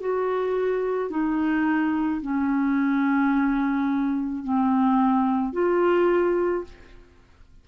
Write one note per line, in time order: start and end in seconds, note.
0.00 1.11 F#4
1.11 2.22 D#4
2.22 4.44 C#4
4.44 5.53 C4
5.53 6.64 F4